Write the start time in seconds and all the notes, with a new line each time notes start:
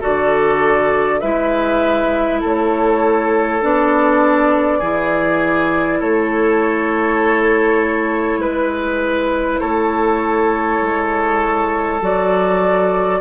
0.00 D3 F#4 A4 D5
1.20 G#3 E4 B4 E5
2.41 A3 A4 C#5
3.61 B3 D4 D5
4.79 E3 E4 G#4
6.00 A3 A4 C#5
8.38 G#3 B4
9.60 A3 A4 C#5
10.81 G#3
12.01 F#3 F#4 D5